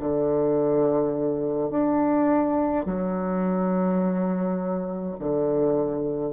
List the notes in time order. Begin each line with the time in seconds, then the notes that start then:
0.00 D3
1.70 D4
2.85 F#3
5.20 D3